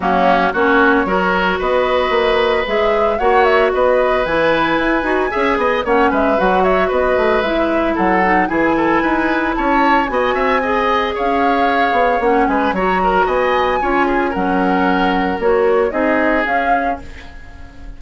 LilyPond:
<<
  \new Staff \with { instrumentName = "flute" } { \time 4/4 \tempo 4 = 113 fis'4 cis''2 dis''4~ | dis''4 e''4 fis''8 e''8 dis''4 | gis''2. fis''8 e''8 | fis''8 e''8 dis''4 e''4 fis''4 |
gis''2 a''4 gis''4~ | gis''4 f''2 fis''8 gis''8 | ais''4 gis''2 fis''4~ | fis''4 cis''4 dis''4 f''4 | }
  \new Staff \with { instrumentName = "oboe" } { \time 4/4 cis'4 fis'4 ais'4 b'4~ | b'2 cis''4 b'4~ | b'2 e''8 dis''8 cis''8 b'8~ | b'8 cis''8 b'2 a'4 |
gis'8 a'8 b'4 cis''4 dis''8 e''8 | dis''4 cis''2~ cis''8 b'8 | cis''8 ais'8 dis''4 cis''8 gis'8 ais'4~ | ais'2 gis'2 | }
  \new Staff \with { instrumentName = "clarinet" } { \time 4/4 ais4 cis'4 fis'2~ | fis'4 gis'4 fis'2 | e'4. fis'8 gis'4 cis'4 | fis'2 e'4. dis'8 |
e'2. fis'4 | gis'2. cis'4 | fis'2 f'4 cis'4~ | cis'4 fis'4 dis'4 cis'4 | }
  \new Staff \with { instrumentName = "bassoon" } { \time 4/4 fis4 ais4 fis4 b4 | ais4 gis4 ais4 b4 | e4 e'8 dis'8 cis'8 b8 ais8 gis8 | fis4 b8 a8 gis4 fis4 |
e4 dis'4 cis'4 b8 c'8~ | c'4 cis'4. b8 ais8 gis8 | fis4 b4 cis'4 fis4~ | fis4 ais4 c'4 cis'4 | }
>>